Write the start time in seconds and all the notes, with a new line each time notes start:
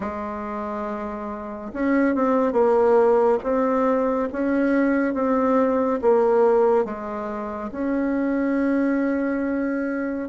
0.00 G#3
1.73 C#4
2.15 C4
2.52 A#3
3.43 C4
4.32 C#4
5.14 C4
6.01 A#3
6.85 G#3
7.71 C#4